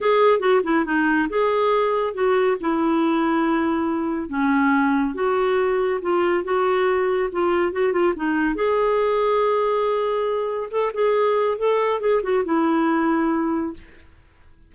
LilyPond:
\new Staff \with { instrumentName = "clarinet" } { \time 4/4 \tempo 4 = 140 gis'4 fis'8 e'8 dis'4 gis'4~ | gis'4 fis'4 e'2~ | e'2 cis'2 | fis'2 f'4 fis'4~ |
fis'4 f'4 fis'8 f'8 dis'4 | gis'1~ | gis'4 a'8 gis'4. a'4 | gis'8 fis'8 e'2. | }